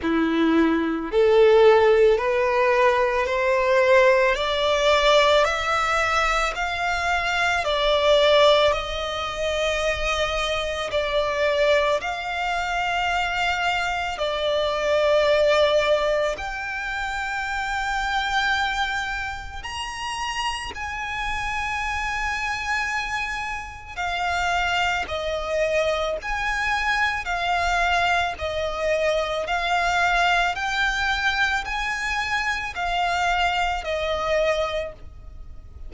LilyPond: \new Staff \with { instrumentName = "violin" } { \time 4/4 \tempo 4 = 55 e'4 a'4 b'4 c''4 | d''4 e''4 f''4 d''4 | dis''2 d''4 f''4~ | f''4 d''2 g''4~ |
g''2 ais''4 gis''4~ | gis''2 f''4 dis''4 | gis''4 f''4 dis''4 f''4 | g''4 gis''4 f''4 dis''4 | }